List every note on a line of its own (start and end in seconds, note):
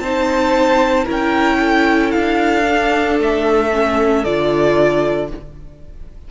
0.00 1.05 C4
0.00 1.06 D#4
0.00 1.04 C5
0.00 1.05 A5
1.04 2.14 C#4
1.04 2.63 E4
1.04 1.57 A#4
1.11 2.11 G5
1.60 5.28 A4
2.11 3.19 D4
2.11 3.16 F5
2.63 3.68 D4
3.19 4.24 A3
3.19 4.24 E5
3.73 4.25 C#4
4.24 5.31 D3
4.24 5.30 F4
4.24 5.29 D5